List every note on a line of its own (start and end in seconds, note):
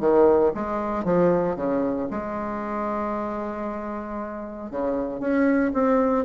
0.00 0.52 D#3
0.54 1.04 G#3
1.04 1.56 F3
1.56 2.08 C#3
2.11 4.71 G#3
4.71 5.20 C#3
5.20 5.72 C#4
5.74 6.25 C4